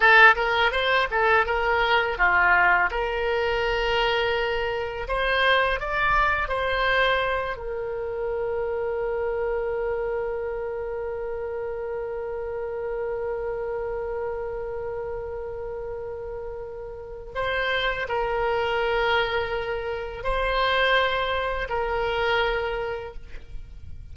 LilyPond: \new Staff \with { instrumentName = "oboe" } { \time 4/4 \tempo 4 = 83 a'8 ais'8 c''8 a'8 ais'4 f'4 | ais'2. c''4 | d''4 c''4. ais'4.~ | ais'1~ |
ais'1~ | ais'1 | c''4 ais'2. | c''2 ais'2 | }